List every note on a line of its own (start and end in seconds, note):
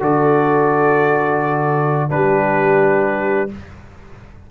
0.00 2.10 D3
0.00 2.09 F#4
0.00 2.10 A4
0.00 2.10 D5
2.09 3.51 G3
2.09 3.49 D4
2.09 3.50 G4
2.09 3.50 B4